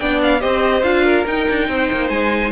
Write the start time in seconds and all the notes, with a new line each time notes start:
0.00 B3 D4 D5 G5
0.23 F5
0.40 C4 G4 C5 D#5
0.83 D4 F4 F5
1.05 A#4
1.27 D#4 G5
1.50 D4
1.69 C4 C5
1.92 A#3
2.10 G#3 G#5